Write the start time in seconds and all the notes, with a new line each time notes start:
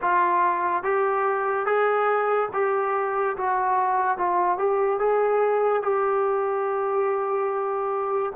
0.02 F4
0.83 G4
1.66 G#4
2.53 G4
3.36 F#4
4.17 F4
4.58 G4
4.99 G#4
5.82 G4